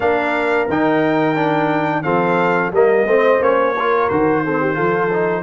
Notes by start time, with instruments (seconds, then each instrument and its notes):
0.00 tuba A#3, trombone D4, horn A#4, trumpet F5
0.68 tuba D#3, trombone D#4, trumpet G5
1.35 trombone D4
2.02 tuba F3, trombone C4, horn A4, trumpet F5
2.71 tuba G3, trombone A#3, horn A#4, trumpet D#5
3.05 tuba A3, trombone C4, horn C5
3.40 tuba A#3, trombone C#4, trumpet C#5
3.75 trombone F4, horn A#4
4.08 tuba D#3, trombone F#4, trumpet C5
4.44 trombone C4, horn A4
4.60 horn G4
4.74 tuba F3, trombone F4, horn A4
5.11 trombone D#4